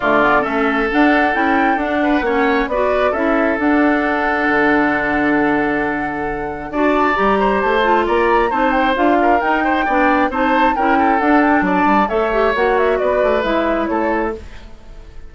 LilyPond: <<
  \new Staff \with { instrumentName = "flute" } { \time 4/4 \tempo 4 = 134 d''4 e''4 fis''4 g''4 | fis''2 d''4 e''4 | fis''1~ | fis''2. a''4 |
ais''4 a''4 ais''4 a''8 g''8 | f''4 g''2 a''4 | g''4 fis''8 g''8 a''4 e''4 | fis''8 e''8 d''4 e''4 cis''4 | }
  \new Staff \with { instrumentName = "oboe" } { \time 4/4 f'4 a'2.~ | a'8 b'8 cis''4 b'4 a'4~ | a'1~ | a'2. d''4~ |
d''8 c''4. d''4 c''4~ | c''8 ais'4 c''8 d''4 c''4 | ais'8 a'4. d''4 cis''4~ | cis''4 b'2 a'4 | }
  \new Staff \with { instrumentName = "clarinet" } { \time 4/4 a8 b8 cis'4 d'4 e'4 | d'4 cis'4 fis'4 e'4 | d'1~ | d'2. fis'4 |
g'4. f'4. dis'4 | f'4 dis'4 d'4 dis'4 | e'4 d'2 a'8 g'8 | fis'2 e'2 | }
  \new Staff \with { instrumentName = "bassoon" } { \time 4/4 d4 a4 d'4 cis'4 | d'4 ais4 b4 cis'4 | d'2 d2~ | d2. d'4 |
g4 a4 ais4 c'4 | d'4 dis'4 b4 c'4 | cis'4 d'4 fis8 g8 a4 | ais4 b8 a8 gis4 a4 | }
>>